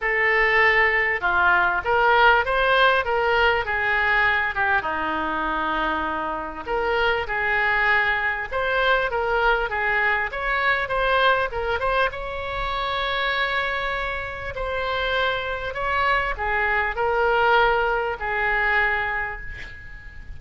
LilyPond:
\new Staff \with { instrumentName = "oboe" } { \time 4/4 \tempo 4 = 99 a'2 f'4 ais'4 | c''4 ais'4 gis'4. g'8 | dis'2. ais'4 | gis'2 c''4 ais'4 |
gis'4 cis''4 c''4 ais'8 c''8 | cis''1 | c''2 cis''4 gis'4 | ais'2 gis'2 | }